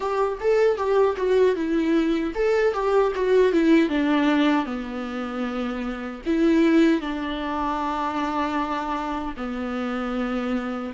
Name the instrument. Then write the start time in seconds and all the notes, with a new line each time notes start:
viola
0.00 G4
0.40 A4
0.77 G4
1.16 F#4
1.55 E4
2.34 A4
2.73 G4
3.15 F#4
3.52 E4
3.89 D4
4.65 B3
6.26 E4
7.01 D4
9.36 B3